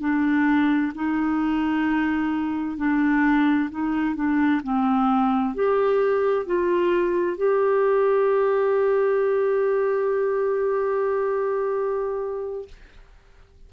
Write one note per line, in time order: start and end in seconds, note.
0.00 0.92 D4
0.95 2.77 D#4
2.77 3.70 D4
3.70 4.15 D#4
4.15 4.61 D4
4.63 5.54 C4
5.54 6.46 G4
6.46 7.37 F4
7.37 12.68 G4